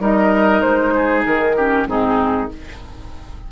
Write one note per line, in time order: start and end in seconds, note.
0.00 0.62 G3
0.00 1.55 D#4
0.00 0.94 A#4
0.00 0.62 D#5
0.62 1.26 G#3
0.62 1.24 C5
0.95 1.57 G#4
1.26 1.87 D#3
1.26 1.88 A#4
1.57 1.87 C#4
1.57 1.87 G4
1.87 2.49 G#2
1.87 2.49 C4
1.87 2.52 D#4
1.87 2.51 G#4